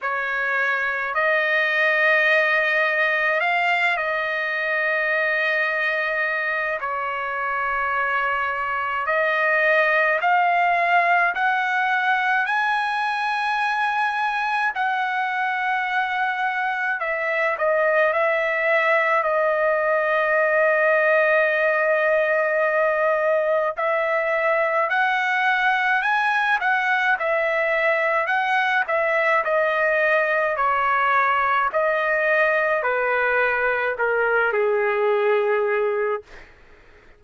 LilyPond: \new Staff \with { instrumentName = "trumpet" } { \time 4/4 \tempo 4 = 53 cis''4 dis''2 f''8 dis''8~ | dis''2 cis''2 | dis''4 f''4 fis''4 gis''4~ | gis''4 fis''2 e''8 dis''8 |
e''4 dis''2.~ | dis''4 e''4 fis''4 gis''8 fis''8 | e''4 fis''8 e''8 dis''4 cis''4 | dis''4 b'4 ais'8 gis'4. | }